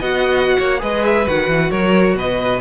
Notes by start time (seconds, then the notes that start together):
0.00 B3 F#4 D#5 F#5
0.59 A#3 C#5
0.80 G#3 G#4 B4 D#5
1.06 E5
1.27 D#3 F#4 F#5
1.48 E3
1.71 F#3 A#4 C#5
2.15 B2 B4 D#5